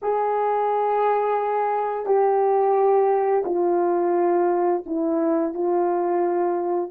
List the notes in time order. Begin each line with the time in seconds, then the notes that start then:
0.02 G#4
2.05 G4
3.45 F4
4.86 E4
5.54 F4